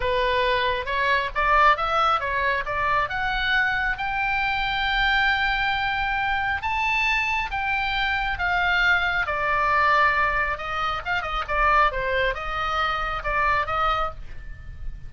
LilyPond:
\new Staff \with { instrumentName = "oboe" } { \time 4/4 \tempo 4 = 136 b'2 cis''4 d''4 | e''4 cis''4 d''4 fis''4~ | fis''4 g''2.~ | g''2. a''4~ |
a''4 g''2 f''4~ | f''4 d''2. | dis''4 f''8 dis''8 d''4 c''4 | dis''2 d''4 dis''4 | }